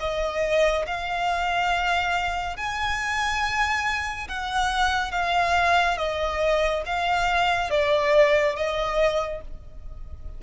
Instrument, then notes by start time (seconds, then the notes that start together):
violin
0.00 D#5
0.87 F5
2.57 G#5
4.28 F#5
5.12 F5
5.98 D#5
6.86 F5
7.70 D5
8.56 D#5